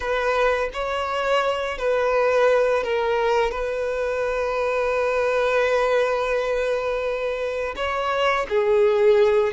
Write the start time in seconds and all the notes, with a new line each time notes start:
0.00 B4
0.73 C#5
1.77 B4
2.83 A#4
3.51 B4
7.76 C#5
8.49 G#4